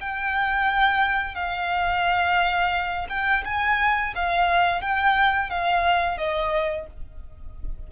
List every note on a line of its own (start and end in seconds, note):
0.00 1.34 G5
1.34 3.07 F5
3.09 3.43 G5
3.45 4.13 G#5
4.15 4.81 F5
4.81 5.50 G5
5.50 6.18 F5
6.18 6.87 D#5